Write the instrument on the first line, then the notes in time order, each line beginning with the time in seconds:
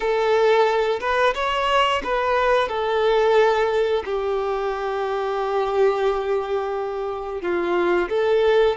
violin
0.00 A4
1.00 B4
1.34 C#5
2.03 B4
2.68 A4
4.05 G4
7.41 F4
8.09 A4